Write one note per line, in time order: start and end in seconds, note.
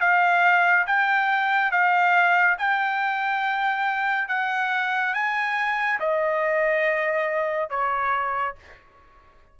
0.00 0.86 F5
0.87 1.71 G5
1.71 2.57 F5
2.58 4.28 G5
4.28 5.14 F#5
5.14 6.00 G#5
6.00 7.70 D#5
7.70 8.56 C#5